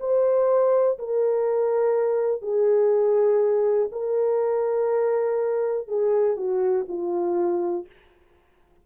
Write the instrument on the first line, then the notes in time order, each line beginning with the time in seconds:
horn
0.00 C5
0.99 A#4
2.42 G#4
3.92 A#4
5.88 G#4
6.37 F#4
6.88 F4